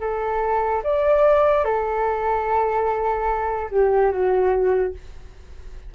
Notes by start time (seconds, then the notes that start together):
0.00 A4
0.83 D5
1.64 A4
3.70 G4
4.11 F#4